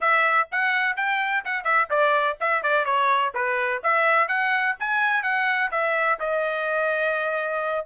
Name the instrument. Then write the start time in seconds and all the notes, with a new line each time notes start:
trumpet
0.00 E5
0.51 F#5
0.96 G5
1.44 F#5
1.64 E5
1.90 D5
2.40 E5
2.62 D5
2.85 C#5
3.34 B4
3.83 E5
4.27 F#5
4.79 G#5
5.22 F#5
5.71 E5
6.19 D#5